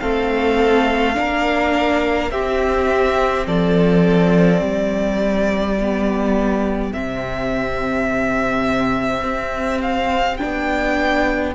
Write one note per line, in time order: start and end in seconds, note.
0.00 1.16 A3
0.00 1.14 C4
0.00 1.16 A4
0.00 2.31 F5
1.14 2.31 A#3
1.14 2.30 D4
1.14 2.31 A#4
2.31 3.46 C4
2.31 5.77 C4
2.31 3.47 G4
2.31 3.46 E5
3.46 4.61 F3
3.46 4.61 A4
3.46 6.93 D5
4.61 6.92 G3
4.61 11.54 G4
5.80 6.93 B3
6.93 9.23 C3
6.93 10.39 C4
6.93 9.81 E5
9.23 10.38 C4
9.82 10.37 F5
10.37 11.54 B3
10.37 11.54 D4
10.37 11.53 G5